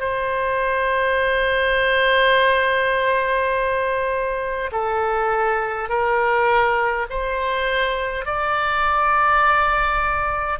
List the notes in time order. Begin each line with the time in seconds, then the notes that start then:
0.00 C5
4.72 A4
5.89 A#4
7.10 C5
8.25 D5